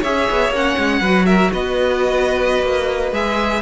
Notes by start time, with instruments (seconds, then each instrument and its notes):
0.00 cello C#4, viola G#4, violin C#5 E5
0.30 cello B3
0.50 cello A#3, viola C#4
0.56 violin F#5
0.78 cello G#3
1.01 cello F#3, viola F#4, violin B4
1.26 violin A#4 E5
1.53 cello B3, violin B4 D#5
2.63 cello A#3
3.12 cello G#3, viola G#4, violin E5